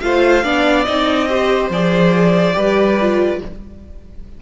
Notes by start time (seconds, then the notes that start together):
0.00 A3 F4 C5 F5
0.43 B3 D4 D5
0.84 C4 D#4 D#5
1.29 G4 C5
1.70 F3 G#4 D5
2.54 G3 G4 B4
3.00 F4